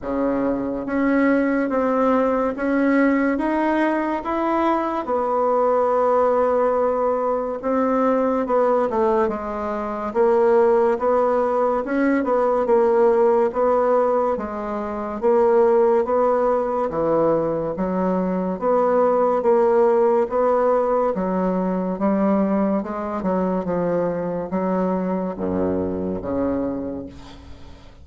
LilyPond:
\new Staff \with { instrumentName = "bassoon" } { \time 4/4 \tempo 4 = 71 cis4 cis'4 c'4 cis'4 | dis'4 e'4 b2~ | b4 c'4 b8 a8 gis4 | ais4 b4 cis'8 b8 ais4 |
b4 gis4 ais4 b4 | e4 fis4 b4 ais4 | b4 fis4 g4 gis8 fis8 | f4 fis4 fis,4 cis4 | }